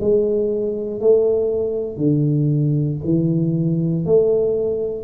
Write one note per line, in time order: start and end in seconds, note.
0.00 1.00 G#3
1.00 1.97 A3
1.97 2.99 D3
3.04 4.05 E3
4.05 5.04 A3